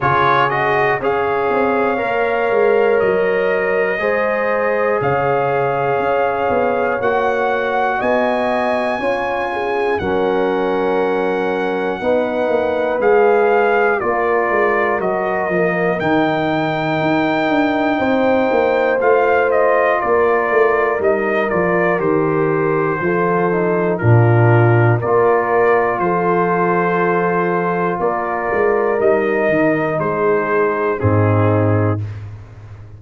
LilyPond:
<<
  \new Staff \with { instrumentName = "trumpet" } { \time 4/4 \tempo 4 = 60 cis''8 dis''8 f''2 dis''4~ | dis''4 f''2 fis''4 | gis''2 fis''2~ | fis''4 f''4 d''4 dis''4 |
g''2. f''8 dis''8 | d''4 dis''8 d''8 c''2 | ais'4 d''4 c''2 | d''4 dis''4 c''4 gis'4 | }
  \new Staff \with { instrumentName = "horn" } { \time 4/4 gis'4 cis''2. | c''4 cis''2. | dis''4 cis''8 gis'8 ais'2 | b'2 ais'2~ |
ais'2 c''2 | ais'2. a'4 | f'4 ais'4 a'2 | ais'2 gis'4 dis'4 | }
  \new Staff \with { instrumentName = "trombone" } { \time 4/4 f'8 fis'8 gis'4 ais'2 | gis'2. fis'4~ | fis'4 f'4 cis'2 | dis'4 gis'4 f'4 fis'8 ais8 |
dis'2. f'4~ | f'4 dis'8 f'8 g'4 f'8 dis'8 | d'4 f'2.~ | f'4 dis'2 c'4 | }
  \new Staff \with { instrumentName = "tuba" } { \time 4/4 cis4 cis'8 c'8 ais8 gis8 fis4 | gis4 cis4 cis'8 b8 ais4 | b4 cis'4 fis2 | b8 ais8 gis4 ais8 gis8 fis8 f8 |
dis4 dis'8 d'8 c'8 ais8 a4 | ais8 a8 g8 f8 dis4 f4 | ais,4 ais4 f2 | ais8 gis8 g8 dis8 gis4 gis,4 | }
>>